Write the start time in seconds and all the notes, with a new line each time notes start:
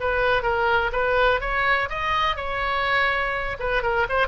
0.00 B4
0.43 A#4
0.92 B4
1.41 C#5
1.89 D#5
2.36 C#5
3.60 B4
3.82 A#4
4.09 C5